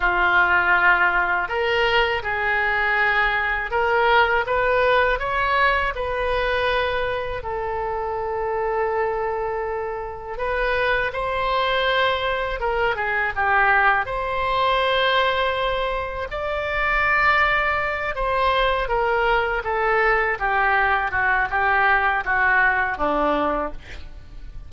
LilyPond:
\new Staff \with { instrumentName = "oboe" } { \time 4/4 \tempo 4 = 81 f'2 ais'4 gis'4~ | gis'4 ais'4 b'4 cis''4 | b'2 a'2~ | a'2 b'4 c''4~ |
c''4 ais'8 gis'8 g'4 c''4~ | c''2 d''2~ | d''8 c''4 ais'4 a'4 g'8~ | g'8 fis'8 g'4 fis'4 d'4 | }